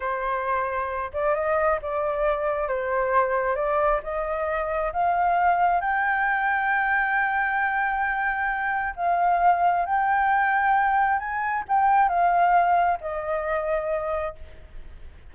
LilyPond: \new Staff \with { instrumentName = "flute" } { \time 4/4 \tempo 4 = 134 c''2~ c''8 d''8 dis''4 | d''2 c''2 | d''4 dis''2 f''4~ | f''4 g''2.~ |
g''1 | f''2 g''2~ | g''4 gis''4 g''4 f''4~ | f''4 dis''2. | }